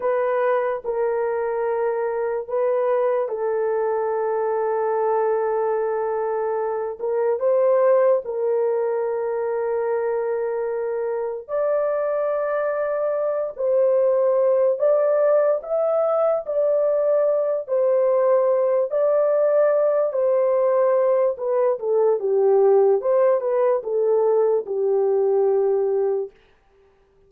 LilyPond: \new Staff \with { instrumentName = "horn" } { \time 4/4 \tempo 4 = 73 b'4 ais'2 b'4 | a'1~ | a'8 ais'8 c''4 ais'2~ | ais'2 d''2~ |
d''8 c''4. d''4 e''4 | d''4. c''4. d''4~ | d''8 c''4. b'8 a'8 g'4 | c''8 b'8 a'4 g'2 | }